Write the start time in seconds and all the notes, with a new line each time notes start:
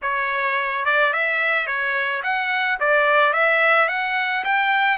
0.02 C#5
0.85 D5
1.13 E5
1.66 C#5
2.23 F#5
2.80 D5
3.33 E5
3.88 F#5
4.44 G5